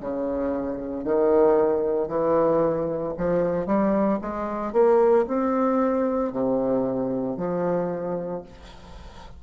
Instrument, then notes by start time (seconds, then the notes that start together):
bassoon
0.00 C#3
1.04 D#3
2.08 E3
3.17 F3
3.66 G3
4.21 G#3
4.73 A#3
5.27 C4
6.32 C3
7.37 F3